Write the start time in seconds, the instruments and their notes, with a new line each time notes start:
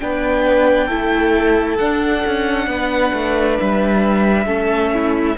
0.00 cello B3, viola D4, violin B4 G5
0.87 cello A3, viola E4, violin A4
1.77 cello D4, viola D4, violin F#5
2.26 cello C#4
2.68 cello B3, violin B4
3.13 cello A3
3.60 cello G3, violin E5
4.46 cello A3, viola C#4, violin A4
4.94 violin E4